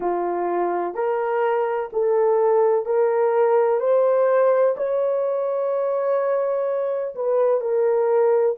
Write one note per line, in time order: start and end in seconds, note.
0.00 0.94 F4
0.94 1.89 A#4
1.93 2.85 A4
2.85 3.80 A#4
3.80 4.75 C5
4.76 7.14 C#5
7.15 7.60 B4
7.60 8.55 A#4